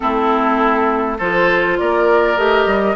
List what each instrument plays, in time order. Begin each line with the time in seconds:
0.00 bassoon A3, clarinet C4, oboe E4, flute A4
1.18 bassoon F3, clarinet F4, oboe A4, flute C5
1.78 bassoon A#3, oboe A#4, flute D5
2.37 bassoon A3, clarinet G4, flute D#5
2.65 bassoon G3